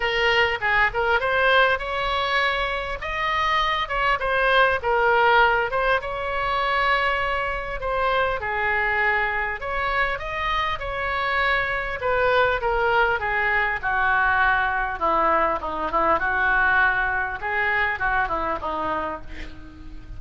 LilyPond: \new Staff \with { instrumentName = "oboe" } { \time 4/4 \tempo 4 = 100 ais'4 gis'8 ais'8 c''4 cis''4~ | cis''4 dis''4. cis''8 c''4 | ais'4. c''8 cis''2~ | cis''4 c''4 gis'2 |
cis''4 dis''4 cis''2 | b'4 ais'4 gis'4 fis'4~ | fis'4 e'4 dis'8 e'8 fis'4~ | fis'4 gis'4 fis'8 e'8 dis'4 | }